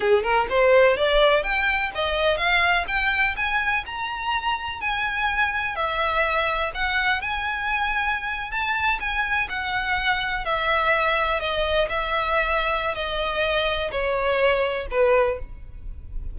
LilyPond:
\new Staff \with { instrumentName = "violin" } { \time 4/4 \tempo 4 = 125 gis'8 ais'8 c''4 d''4 g''4 | dis''4 f''4 g''4 gis''4 | ais''2 gis''2 | e''2 fis''4 gis''4~ |
gis''4.~ gis''16 a''4 gis''4 fis''16~ | fis''4.~ fis''16 e''2 dis''16~ | dis''8. e''2~ e''16 dis''4~ | dis''4 cis''2 b'4 | }